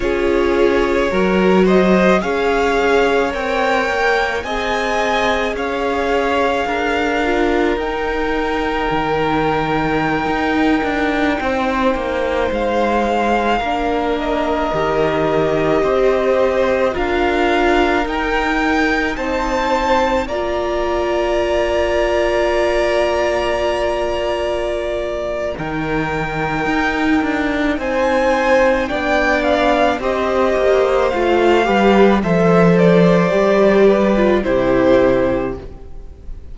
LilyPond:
<<
  \new Staff \with { instrumentName = "violin" } { \time 4/4 \tempo 4 = 54 cis''4. dis''8 f''4 g''4 | gis''4 f''2 g''4~ | g''2.~ g''16 f''8.~ | f''8. dis''2~ dis''8 f''8.~ |
f''16 g''4 a''4 ais''4.~ ais''16~ | ais''2. g''4~ | g''4 gis''4 g''8 f''8 dis''4 | f''4 e''8 d''4. c''4 | }
  \new Staff \with { instrumentName = "violin" } { \time 4/4 gis'4 ais'8 c''8 cis''2 | dis''4 cis''4 ais'2~ | ais'2~ ais'16 c''4.~ c''16~ | c''16 ais'2 c''4 ais'8.~ |
ais'4~ ais'16 c''4 d''4.~ d''16~ | d''2. ais'4~ | ais'4 c''4 d''4 c''4~ | c''8 b'8 c''4. b'8 g'4 | }
  \new Staff \with { instrumentName = "viola" } { \time 4/4 f'4 fis'4 gis'4 ais'4 | gis'2~ gis'8 f'8 dis'4~ | dis'1~ | dis'16 d'4 g'2 f'8.~ |
f'16 dis'2 f'4.~ f'16~ | f'2. dis'4~ | dis'2 d'4 g'4 | f'8 g'8 a'4 g'8. f'16 e'4 | }
  \new Staff \with { instrumentName = "cello" } { \time 4/4 cis'4 fis4 cis'4 c'8 ais8 | c'4 cis'4 d'4 dis'4 | dis4~ dis16 dis'8 d'8 c'8 ais8 gis8.~ | gis16 ais4 dis4 c'4 d'8.~ |
d'16 dis'4 c'4 ais4.~ ais16~ | ais2. dis4 | dis'8 d'8 c'4 b4 c'8 ais8 | a8 g8 f4 g4 c4 | }
>>